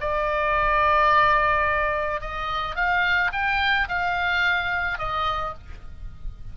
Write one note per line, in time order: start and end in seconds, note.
0.00 2.20 D5
2.20 2.75 D#5
2.75 3.31 F5
3.32 3.88 G5
3.88 4.98 F5
4.98 5.54 D#5